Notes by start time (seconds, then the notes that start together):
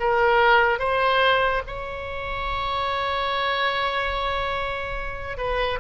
0.00 A#4
0.79 C5
1.67 C#5
5.37 B4